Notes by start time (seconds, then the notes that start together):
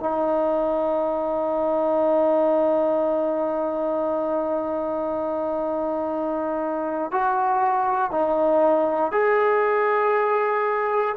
0.00 D#4
7.11 F#4
8.11 D#4
9.12 G#4